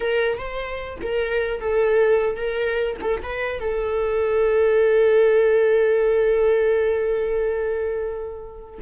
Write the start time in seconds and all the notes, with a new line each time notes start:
0.00 A#4
0.38 C5
1.02 A#4
1.60 A4
2.36 A#4
3.01 A4
3.22 B4
3.60 A4